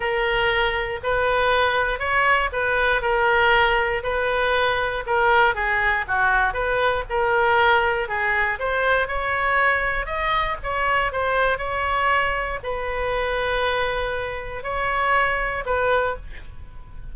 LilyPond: \new Staff \with { instrumentName = "oboe" } { \time 4/4 \tempo 4 = 119 ais'2 b'2 | cis''4 b'4 ais'2 | b'2 ais'4 gis'4 | fis'4 b'4 ais'2 |
gis'4 c''4 cis''2 | dis''4 cis''4 c''4 cis''4~ | cis''4 b'2.~ | b'4 cis''2 b'4 | }